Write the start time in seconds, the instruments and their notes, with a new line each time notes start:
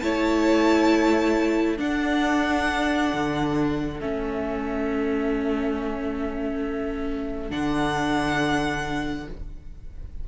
0.00 cello A3, viola E4, violin C#5 A5
1.78 viola D4, cello D4, violin A4 F#5
3.14 cello D3
4.01 cello A3, viola C#4, violin E5
7.50 cello D3, viola D4, violin F#5